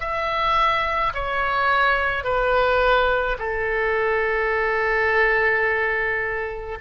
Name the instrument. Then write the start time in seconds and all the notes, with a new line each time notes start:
oboe
0.00 E5
1.14 C#5
2.24 B4
3.39 A4